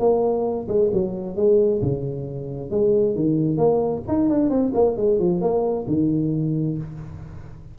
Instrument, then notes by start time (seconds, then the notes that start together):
tuba
0.00 A#3
0.69 G#3
0.93 F#3
1.37 G#3
1.82 C#3
2.71 G#3
3.16 D#3
3.58 A#3
4.08 D#4
4.30 D4
4.50 C4
4.75 A#3
4.97 G#3
5.19 F3
5.42 A#3
5.88 D#3